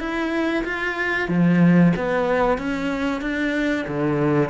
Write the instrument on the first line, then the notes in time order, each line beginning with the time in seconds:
cello
0.00 E4
0.65 F4
1.29 F3
1.96 B3
2.58 C#4
3.22 D4
3.88 D3